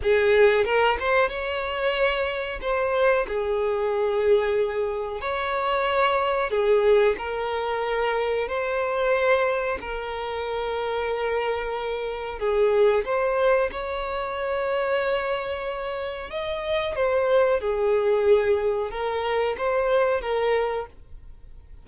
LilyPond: \new Staff \with { instrumentName = "violin" } { \time 4/4 \tempo 4 = 92 gis'4 ais'8 c''8 cis''2 | c''4 gis'2. | cis''2 gis'4 ais'4~ | ais'4 c''2 ais'4~ |
ais'2. gis'4 | c''4 cis''2.~ | cis''4 dis''4 c''4 gis'4~ | gis'4 ais'4 c''4 ais'4 | }